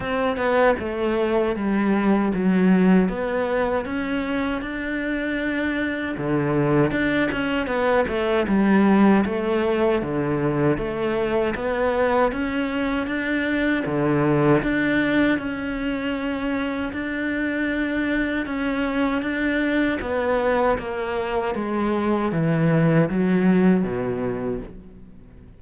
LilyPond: \new Staff \with { instrumentName = "cello" } { \time 4/4 \tempo 4 = 78 c'8 b8 a4 g4 fis4 | b4 cis'4 d'2 | d4 d'8 cis'8 b8 a8 g4 | a4 d4 a4 b4 |
cis'4 d'4 d4 d'4 | cis'2 d'2 | cis'4 d'4 b4 ais4 | gis4 e4 fis4 b,4 | }